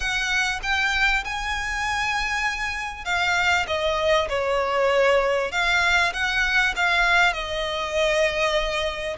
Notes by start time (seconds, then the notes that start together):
0.00 F#5
0.63 G5
1.24 G#5
3.04 F5
3.67 D#5
4.29 C#5
5.51 F5
6.13 F#5
6.76 F5
7.33 D#5